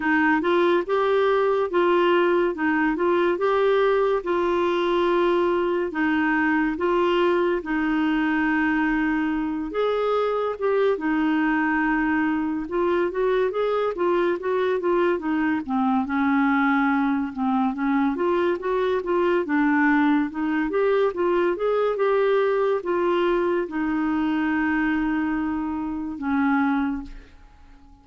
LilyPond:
\new Staff \with { instrumentName = "clarinet" } { \time 4/4 \tempo 4 = 71 dis'8 f'8 g'4 f'4 dis'8 f'8 | g'4 f'2 dis'4 | f'4 dis'2~ dis'8 gis'8~ | gis'8 g'8 dis'2 f'8 fis'8 |
gis'8 f'8 fis'8 f'8 dis'8 c'8 cis'4~ | cis'8 c'8 cis'8 f'8 fis'8 f'8 d'4 | dis'8 g'8 f'8 gis'8 g'4 f'4 | dis'2. cis'4 | }